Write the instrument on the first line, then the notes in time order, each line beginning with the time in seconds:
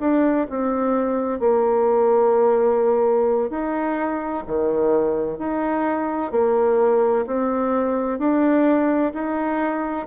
bassoon
0.00 D4
0.50 C4
1.40 A#3
3.50 D#4
4.47 D#3
5.39 D#4
6.32 A#3
7.27 C4
8.19 D4
9.14 D#4